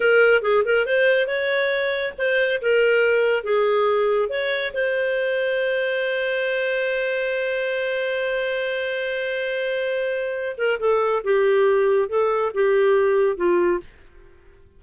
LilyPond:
\new Staff \with { instrumentName = "clarinet" } { \time 4/4 \tempo 4 = 139 ais'4 gis'8 ais'8 c''4 cis''4~ | cis''4 c''4 ais'2 | gis'2 cis''4 c''4~ | c''1~ |
c''1~ | c''1~ | c''8 ais'8 a'4 g'2 | a'4 g'2 f'4 | }